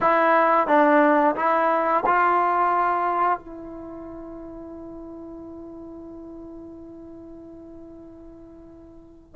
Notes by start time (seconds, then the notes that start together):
0.00 E4
0.67 D4
1.35 E4
2.06 F4
3.39 E4